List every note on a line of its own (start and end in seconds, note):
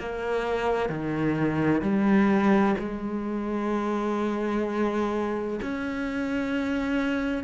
0.00 0.89 A#3
0.89 1.82 D#3
1.82 2.75 G3
2.79 5.60 G#3
5.62 7.44 C#4